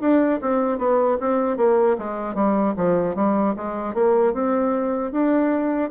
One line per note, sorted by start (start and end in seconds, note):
0.00 0.39 D4
0.41 0.78 C4
0.78 1.17 B3
1.20 1.57 C4
1.57 1.96 A#3
1.98 2.34 G#3
2.34 2.74 G3
2.76 3.15 F3
3.15 3.55 G3
3.56 3.94 G#3
3.94 4.33 A#3
4.33 5.11 C4
5.11 5.90 D4